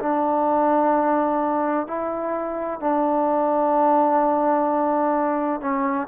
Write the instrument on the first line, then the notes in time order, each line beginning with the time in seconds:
trombone
0.00 D4
1.87 E4
2.80 D4
5.61 C#4